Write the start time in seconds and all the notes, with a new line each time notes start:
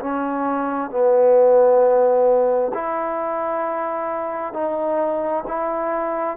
0.00 C#4
0.90 B3
2.74 E4
4.53 D#4
5.48 E4